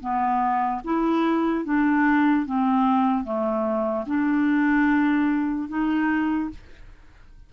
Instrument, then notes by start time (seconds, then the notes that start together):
clarinet
0.00 B3
0.84 E4
1.64 D4
2.45 C4
3.24 A3
4.06 D4
5.68 D#4